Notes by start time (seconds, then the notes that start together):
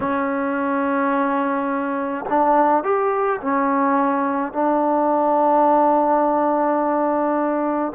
0.00 C#4
2.29 D4
2.83 G4
3.41 C#4
4.53 D4